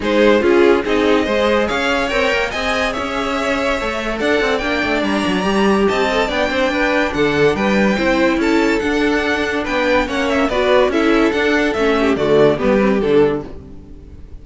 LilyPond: <<
  \new Staff \with { instrumentName = "violin" } { \time 4/4 \tempo 4 = 143 c''4 gis'4 dis''2 | f''4 g''4 gis''4 e''4~ | e''2 fis''4 g''4 | ais''2 a''4 g''4~ |
g''4 fis''4 g''2 | a''4 fis''2 g''4 | fis''8 e''8 d''4 e''4 fis''4 | e''4 d''4 b'4 a'4 | }
  \new Staff \with { instrumentName = "violin" } { \time 4/4 gis'4 f'4 gis'4 c''4 | cis''2 dis''4 cis''4~ | cis''2 d''2~ | d''2 dis''4 d''8 c''8 |
b'4 a'4 b'4 c''4 | a'2. b'4 | cis''4 b'4 a'2~ | a'8 g'8 fis'4 g'2 | }
  \new Staff \with { instrumentName = "viola" } { \time 4/4 dis'4 f'4 dis'4 gis'4~ | gis'4 ais'4 gis'2~ | gis'4 a'2 d'4~ | d'4 g'4. a'8 d'4~ |
d'2. e'4~ | e'4 d'2. | cis'4 fis'4 e'4 d'4 | cis'4 a4 b8 c'8 d'4 | }
  \new Staff \with { instrumentName = "cello" } { \time 4/4 gis4 cis'4 c'4 gis4 | cis'4 c'8 ais8 c'4 cis'4~ | cis'4 a4 d'8 c'8 ais8 a8 | g8 fis8 g4 c'4 b8 c'8 |
d'4 d4 g4 c'4 | cis'4 d'2 b4 | ais4 b4 cis'4 d'4 | a4 d4 g4 d4 | }
>>